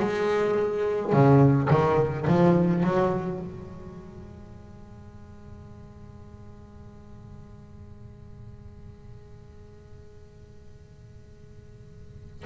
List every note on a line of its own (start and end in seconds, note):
0.00 1.13 G#3
1.13 1.69 C#3
1.70 2.26 D#3
2.27 2.84 F3
2.84 3.40 F#3
3.40 12.45 G#3